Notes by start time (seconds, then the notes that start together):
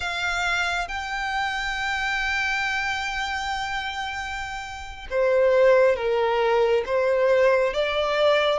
0.00 F5
0.87 G5
5.10 C5
5.96 A#4
6.85 C5
7.73 D5